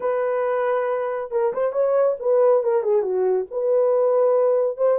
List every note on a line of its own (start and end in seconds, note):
0.00 1.31 B4
1.31 1.52 A#4
1.53 1.72 C5
1.72 2.16 C#5
2.19 2.63 B4
2.63 2.83 A#4
2.83 3.02 G#4
3.02 3.45 F#4
3.50 4.77 B4
4.77 4.98 C5